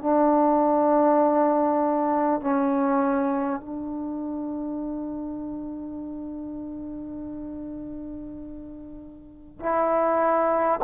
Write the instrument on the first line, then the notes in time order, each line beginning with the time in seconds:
trombone
0.00 D4
2.40 C#4
3.60 D4
9.59 E4